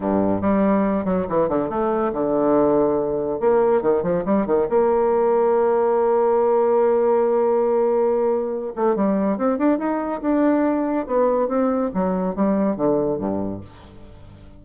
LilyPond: \new Staff \with { instrumentName = "bassoon" } { \time 4/4 \tempo 4 = 141 g,4 g4. fis8 e8 d8 | a4 d2. | ais4 dis8 f8 g8 dis8 ais4~ | ais1~ |
ais1~ | ais8 a8 g4 c'8 d'8 dis'4 | d'2 b4 c'4 | fis4 g4 d4 g,4 | }